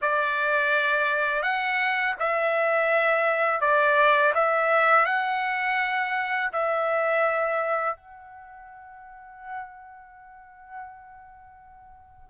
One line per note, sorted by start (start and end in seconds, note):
0.01 1.42 D5
1.42 2.15 F#5
2.19 3.60 E5
3.60 4.32 D5
4.34 5.05 E5
5.05 6.50 F#5
6.52 7.96 E5
7.96 12.29 F#5